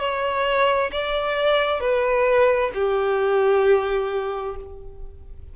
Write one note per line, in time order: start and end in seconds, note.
0.00 0.91 C#5
0.93 1.81 D5
1.81 2.71 B4
2.75 4.57 G4